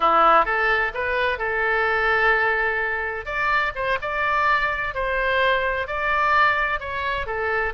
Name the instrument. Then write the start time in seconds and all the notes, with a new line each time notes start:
oboe
0.00 E4
0.45 A4
0.94 B4
1.38 A4
3.25 D5
3.75 C5
4.01 D5
4.94 C5
5.87 D5
6.80 C#5
7.26 A4